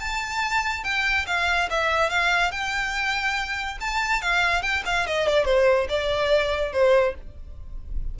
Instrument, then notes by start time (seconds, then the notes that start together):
violin
0.00 A5
0.84 G5
1.27 F5
1.71 E5
2.10 F5
2.52 G5
3.81 A5
4.22 F5
4.62 G5
4.86 F5
5.07 D#5
5.28 D5
5.45 C5
5.90 D5
6.73 C5